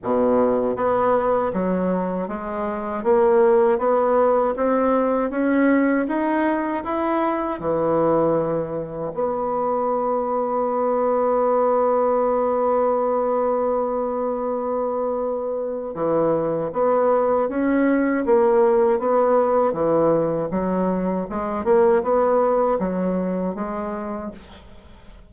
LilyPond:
\new Staff \with { instrumentName = "bassoon" } { \time 4/4 \tempo 4 = 79 b,4 b4 fis4 gis4 | ais4 b4 c'4 cis'4 | dis'4 e'4 e2 | b1~ |
b1~ | b4 e4 b4 cis'4 | ais4 b4 e4 fis4 | gis8 ais8 b4 fis4 gis4 | }